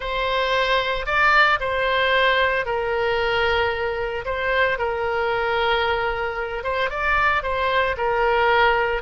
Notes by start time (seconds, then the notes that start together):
0.00 C5
1.06 D5
1.60 C5
2.65 A#4
4.25 C5
4.78 A#4
6.63 C5
6.90 D5
7.43 C5
7.97 A#4